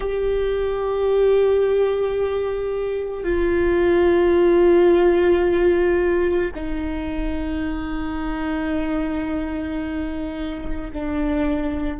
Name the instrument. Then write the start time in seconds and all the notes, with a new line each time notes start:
viola
0.00 G4
3.23 F4
6.55 D#4
10.92 D4